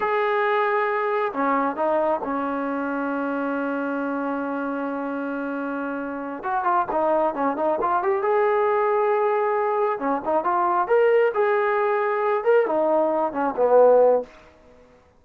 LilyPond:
\new Staff \with { instrumentName = "trombone" } { \time 4/4 \tempo 4 = 135 gis'2. cis'4 | dis'4 cis'2.~ | cis'1~ | cis'2~ cis'8 fis'8 f'8 dis'8~ |
dis'8 cis'8 dis'8 f'8 g'8 gis'4.~ | gis'2~ gis'8 cis'8 dis'8 f'8~ | f'8 ais'4 gis'2~ gis'8 | ais'8 dis'4. cis'8 b4. | }